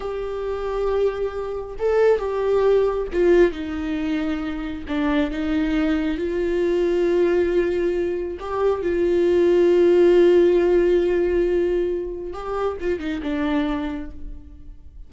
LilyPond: \new Staff \with { instrumentName = "viola" } { \time 4/4 \tempo 4 = 136 g'1 | a'4 g'2 f'4 | dis'2. d'4 | dis'2 f'2~ |
f'2. g'4 | f'1~ | f'1 | g'4 f'8 dis'8 d'2 | }